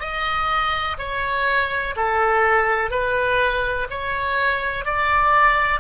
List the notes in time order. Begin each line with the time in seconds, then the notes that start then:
0.00 D#5
0.98 C#5
1.96 A4
2.91 B4
3.90 C#5
4.85 D5